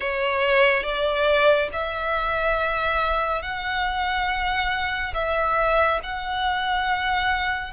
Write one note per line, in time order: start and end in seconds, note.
0.00 0.83 C#5
0.83 1.68 D5
1.72 3.42 E5
3.42 5.13 F#5
5.14 6.00 E5
6.03 7.72 F#5